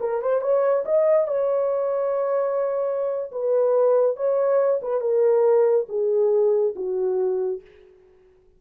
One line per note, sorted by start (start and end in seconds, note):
0.00 0.21 A#4
0.21 0.41 C5
0.41 0.84 C#5
0.85 1.28 D#5
1.28 3.31 C#5
3.32 4.16 B4
4.16 4.80 C#5
4.82 5.01 B4
5.01 5.86 A#4
5.89 6.74 G#4
6.76 7.61 F#4